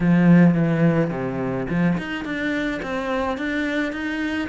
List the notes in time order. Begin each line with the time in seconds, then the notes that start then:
0.00 F3
0.54 E3
1.10 C3
1.69 F3
1.98 D#4
2.24 D4
2.82 C4
3.37 D4
3.92 D#4